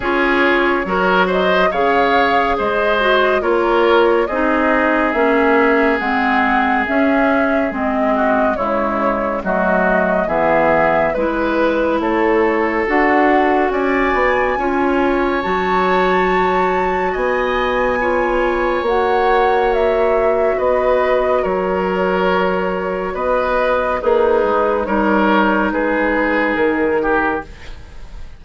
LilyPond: <<
  \new Staff \with { instrumentName = "flute" } { \time 4/4 \tempo 4 = 70 cis''4. dis''8 f''4 dis''4 | cis''4 dis''4 e''4 fis''4 | e''4 dis''4 cis''4 dis''4 | e''4 b'4 cis''4 fis''4 |
gis''2 a''2 | gis''2 fis''4 e''4 | dis''4 cis''2 dis''4 | b'4 cis''4 b'4 ais'4 | }
  \new Staff \with { instrumentName = "oboe" } { \time 4/4 gis'4 ais'8 c''8 cis''4 c''4 | ais'4 gis'2.~ | gis'4. fis'8 e'4 fis'4 | gis'4 b'4 a'2 |
d''4 cis''2. | dis''4 cis''2. | b'4 ais'2 b'4 | dis'4 ais'4 gis'4. g'8 | }
  \new Staff \with { instrumentName = "clarinet" } { \time 4/4 f'4 fis'4 gis'4. fis'8 | f'4 dis'4 cis'4 c'4 | cis'4 c'4 gis4 a4 | b4 e'2 fis'4~ |
fis'4 f'4 fis'2~ | fis'4 f'4 fis'2~ | fis'1 | gis'4 dis'2. | }
  \new Staff \with { instrumentName = "bassoon" } { \time 4/4 cis'4 fis4 cis4 gis4 | ais4 c'4 ais4 gis4 | cis'4 gis4 cis4 fis4 | e4 gis4 a4 d'4 |
cis'8 b8 cis'4 fis2 | b2 ais2 | b4 fis2 b4 | ais8 gis8 g4 gis4 dis4 | }
>>